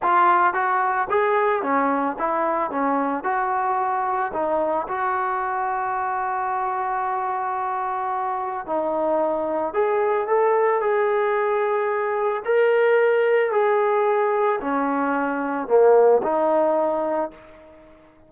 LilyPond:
\new Staff \with { instrumentName = "trombone" } { \time 4/4 \tempo 4 = 111 f'4 fis'4 gis'4 cis'4 | e'4 cis'4 fis'2 | dis'4 fis'2.~ | fis'1 |
dis'2 gis'4 a'4 | gis'2. ais'4~ | ais'4 gis'2 cis'4~ | cis'4 ais4 dis'2 | }